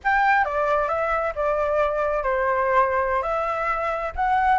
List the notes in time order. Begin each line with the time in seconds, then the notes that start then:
0.04 G5
0.45 D5
0.88 E5
1.35 D5
2.23 C5
3.22 E5
4.15 F#5